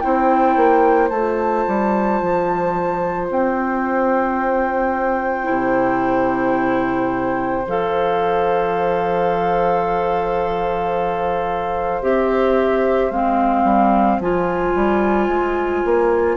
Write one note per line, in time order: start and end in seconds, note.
0.00 0.57 C4
0.00 1.10 E4
0.00 16.37 C5
0.00 1.09 G5
0.57 1.11 A#3
1.10 1.65 A3
1.10 5.44 F4
1.10 3.28 A5
1.68 2.22 G3
2.22 3.30 F3
3.30 5.48 C4
3.30 7.68 G5
5.44 7.67 C3
5.44 7.62 E4
7.67 12.02 F3
7.67 12.02 A4
7.67 12.02 F5
12.02 13.11 C4
12.02 13.12 G4
12.02 13.11 E5
13.11 13.64 G#3
13.11 14.22 C4
13.11 14.20 F5
13.64 14.19 G3
14.20 14.74 F3
14.20 16.37 F4
14.20 16.37 G#5
14.75 15.29 G3
15.29 15.83 G#3
15.85 16.37 A#3